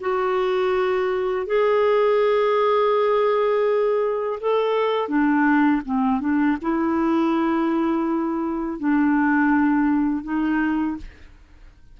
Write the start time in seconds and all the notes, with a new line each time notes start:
0.00 F#4
1.46 G#4
4.40 A4
5.08 D4
5.85 C4
6.20 D4
6.61 E4
8.79 D4
10.23 D#4